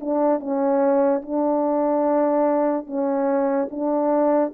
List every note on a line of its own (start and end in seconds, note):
0.00 0.39 D4
0.39 1.21 C#4
1.22 2.86 D4
2.86 3.68 C#4
3.70 4.52 D4